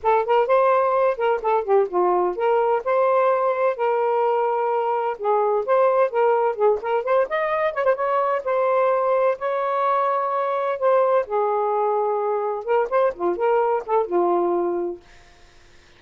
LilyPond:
\new Staff \with { instrumentName = "saxophone" } { \time 4/4 \tempo 4 = 128 a'8 ais'8 c''4. ais'8 a'8 g'8 | f'4 ais'4 c''2 | ais'2. gis'4 | c''4 ais'4 gis'8 ais'8 c''8 dis''8~ |
dis''8 cis''16 c''16 cis''4 c''2 | cis''2. c''4 | gis'2. ais'8 c''8 | f'8 ais'4 a'8 f'2 | }